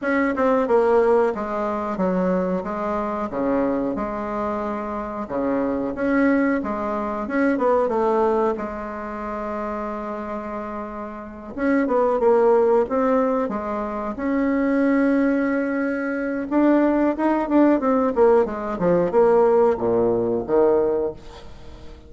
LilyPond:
\new Staff \with { instrumentName = "bassoon" } { \time 4/4 \tempo 4 = 91 cis'8 c'8 ais4 gis4 fis4 | gis4 cis4 gis2 | cis4 cis'4 gis4 cis'8 b8 | a4 gis2.~ |
gis4. cis'8 b8 ais4 c'8~ | c'8 gis4 cis'2~ cis'8~ | cis'4 d'4 dis'8 d'8 c'8 ais8 | gis8 f8 ais4 ais,4 dis4 | }